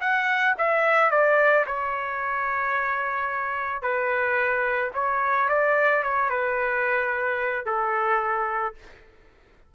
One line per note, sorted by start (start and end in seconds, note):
0.00 0.55 F#5
0.58 1.11 E5
1.11 1.65 D5
1.66 3.82 C#5
3.82 4.91 B4
4.94 5.48 C#5
5.49 6.03 D5
6.03 6.30 C#5
6.30 7.65 B4
7.65 8.74 A4